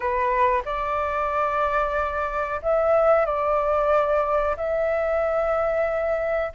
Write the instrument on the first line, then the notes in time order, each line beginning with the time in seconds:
flute
0.00 B4
0.65 D5
2.62 E5
3.25 D5
4.57 E5